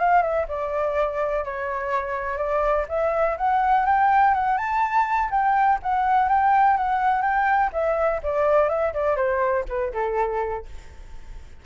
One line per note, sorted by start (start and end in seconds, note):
0.00 0.23 F5
0.23 0.47 E5
0.49 1.45 D5
1.45 2.38 C#5
2.38 2.86 D5
2.89 3.37 E5
3.38 3.86 F#5
3.86 4.35 G5
4.35 4.58 F#5
4.58 5.30 A5
5.31 5.79 G5
5.83 6.29 F#5
6.29 6.77 G5
6.78 7.23 F#5
7.23 7.71 G5
7.73 8.21 E5
8.23 8.69 D5
8.69 8.94 E5
8.94 9.17 D5
9.17 9.65 C5
9.69 9.93 B4
9.93 10.66 A4